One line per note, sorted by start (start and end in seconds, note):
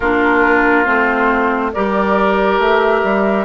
0.00 0.86 A#3
0.00 0.85 D4
0.00 1.71 F4
0.00 0.84 A#4
0.84 1.73 A3
0.84 1.72 C4
0.84 1.71 C5
1.72 2.58 G3
1.72 3.45 G4
1.72 3.45 A#4
1.72 2.59 D5
2.58 3.01 A3
2.58 3.45 E5
3.03 3.45 G3